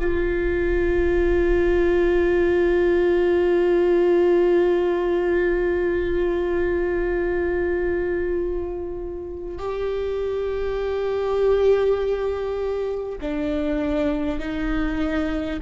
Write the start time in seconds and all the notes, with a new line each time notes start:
0.00 F4
9.58 G4
13.21 D4
14.39 D#4